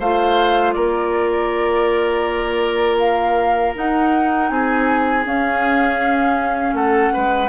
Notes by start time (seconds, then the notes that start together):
0.00 A3 F4 C5 F5
0.73 A#3 A#4 D5
2.99 F5
3.76 D#4 F#5
4.50 C4 G#4 G#5
5.25 C#4 F5
6.74 A3 A4 F#5
7.14 G#3 B4